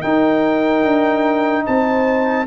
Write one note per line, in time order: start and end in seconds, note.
0.00 2.46 D#4
0.00 0.84 D#4
0.00 1.62 A#4
0.00 1.63 G5
0.84 1.65 D4
1.66 2.46 C4
1.66 2.46 C5
1.66 2.46 A5